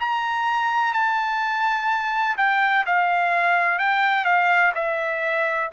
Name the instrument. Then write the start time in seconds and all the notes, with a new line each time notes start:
trumpet
0.00 A#5
0.93 A5
2.37 G5
2.86 F5
3.79 G5
4.25 F5
4.75 E5